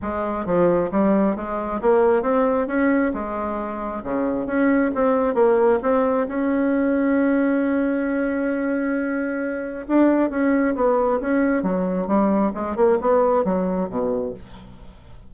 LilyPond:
\new Staff \with { instrumentName = "bassoon" } { \time 4/4 \tempo 4 = 134 gis4 f4 g4 gis4 | ais4 c'4 cis'4 gis4~ | gis4 cis4 cis'4 c'4 | ais4 c'4 cis'2~ |
cis'1~ | cis'2 d'4 cis'4 | b4 cis'4 fis4 g4 | gis8 ais8 b4 fis4 b,4 | }